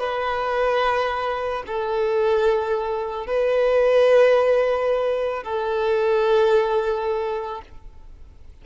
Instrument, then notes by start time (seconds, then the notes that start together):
violin
0.00 B4
1.67 A4
3.27 B4
5.43 A4